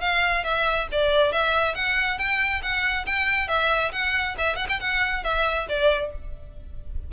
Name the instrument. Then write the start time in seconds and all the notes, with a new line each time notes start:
violin
0.00 F5
0.44 E5
0.91 D5
1.32 E5
1.75 F#5
2.18 G5
2.62 F#5
3.06 G5
3.48 E5
3.92 F#5
4.38 E5
4.56 F#5
4.69 G5
4.80 F#5
5.23 E5
5.68 D5